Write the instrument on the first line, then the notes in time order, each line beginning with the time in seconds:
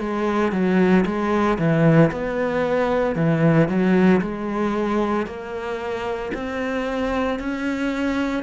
cello
0.00 G#3
0.53 F#3
1.06 G#3
1.59 E3
2.12 B3
3.16 E3
3.69 F#3
4.22 G#3
5.27 A#3
6.34 C4
7.40 C#4